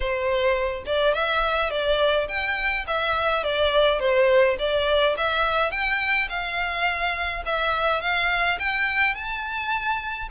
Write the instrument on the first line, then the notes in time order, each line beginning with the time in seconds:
violin
0.00 C5
0.86 D5
1.14 E5
1.70 D5
2.28 G5
2.87 E5
3.43 D5
3.99 C5
4.58 D5
5.17 E5
5.71 G5
6.29 F5
7.45 E5
8.01 F5
8.59 G5
9.14 A5